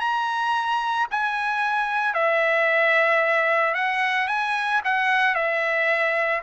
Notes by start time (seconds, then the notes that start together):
0.00 A#5
1.11 G#5
2.14 E5
3.74 F#5
4.28 G#5
4.84 F#5
5.35 E5